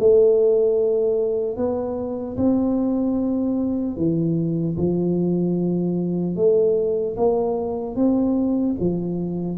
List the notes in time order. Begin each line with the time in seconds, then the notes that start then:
0.00 A3
1.57 B3
2.37 C4
3.97 E3
4.77 F3
6.36 A3
7.17 A#3
7.96 C4
8.80 F3